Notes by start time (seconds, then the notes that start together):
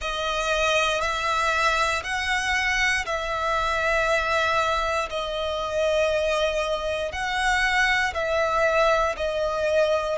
0.00 D#5
1.01 E5
2.03 F#5
3.05 E5
5.09 D#5
7.11 F#5
8.14 E5
9.16 D#5